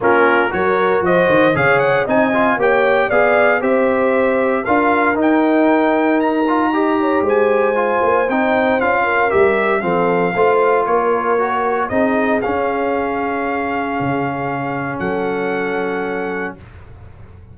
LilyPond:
<<
  \new Staff \with { instrumentName = "trumpet" } { \time 4/4 \tempo 4 = 116 ais'4 cis''4 dis''4 f''8 fis''8 | gis''4 g''4 f''4 e''4~ | e''4 f''4 g''2 | ais''2 gis''2 |
g''4 f''4 e''4 f''4~ | f''4 cis''2 dis''4 | f''1~ | f''4 fis''2. | }
  \new Staff \with { instrumentName = "horn" } { \time 4/4 f'4 ais'4 c''4 cis''4 | dis''4 cis''4 d''4 c''4~ | c''4 ais'2.~ | ais'4 dis''8 cis''8 c''2~ |
c''4. ais'4. a'4 | c''4 ais'2 gis'4~ | gis'1~ | gis'4 a'2. | }
  \new Staff \with { instrumentName = "trombone" } { \time 4/4 cis'4 fis'2 gis'4 | dis'8 f'8 g'4 gis'4 g'4~ | g'4 f'4 dis'2~ | dis'8 f'8 g'2 f'4 |
dis'4 f'4 g'4 c'4 | f'2 fis'4 dis'4 | cis'1~ | cis'1 | }
  \new Staff \with { instrumentName = "tuba" } { \time 4/4 ais4 fis4 f8 dis8 cis4 | c'4 ais4 b4 c'4~ | c'4 d'4 dis'2~ | dis'2 gis4. ais8 |
c'4 cis'4 g4 f4 | a4 ais2 c'4 | cis'2. cis4~ | cis4 fis2. | }
>>